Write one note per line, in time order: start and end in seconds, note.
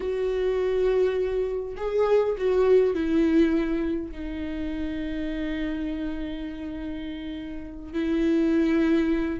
0.00 1.75 F#4
1.76 2.35 G#4
2.37 2.94 F#4
2.94 4.11 E4
4.11 7.93 D#4
7.93 9.40 E4